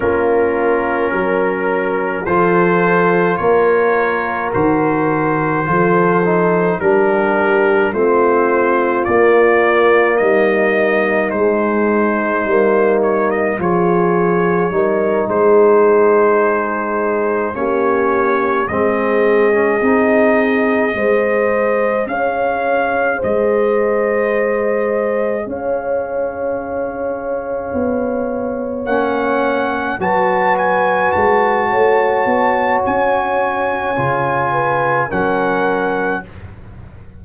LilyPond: <<
  \new Staff \with { instrumentName = "trumpet" } { \time 4/4 \tempo 4 = 53 ais'2 c''4 cis''4 | c''2 ais'4 c''4 | d''4 dis''4 c''4. cis''16 dis''16 | cis''4. c''2 cis''8~ |
cis''8 dis''2. f''8~ | f''8 dis''2 f''4.~ | f''4. fis''4 a''8 gis''8 a''8~ | a''4 gis''2 fis''4 | }
  \new Staff \with { instrumentName = "horn" } { \time 4/4 f'4 ais'4 a'4 ais'4~ | ais'4 a'4 g'4 f'4~ | f'4 dis'2. | gis'4 ais'8 gis'2 g'8~ |
g'8 gis'2 c''4 cis''8~ | cis''8 c''2 cis''4.~ | cis''2~ cis''8 b'4. | cis''2~ cis''8 b'8 ais'4 | }
  \new Staff \with { instrumentName = "trombone" } { \time 4/4 cis'2 f'2 | fis'4 f'8 dis'8 d'4 c'4 | ais2 gis4 ais4 | f'4 dis'2~ dis'8 cis'8~ |
cis'8 c'8. cis'16 dis'4 gis'4.~ | gis'1~ | gis'4. cis'4 fis'4.~ | fis'2 f'4 cis'4 | }
  \new Staff \with { instrumentName = "tuba" } { \time 4/4 ais4 fis4 f4 ais4 | dis4 f4 g4 a4 | ais4 g4 gis4 g4 | f4 g8 gis2 ais8~ |
ais8 gis4 c'4 gis4 cis'8~ | cis'8 gis2 cis'4.~ | cis'8 b4 ais4 fis4 gis8 | a8 b8 cis'4 cis4 fis4 | }
>>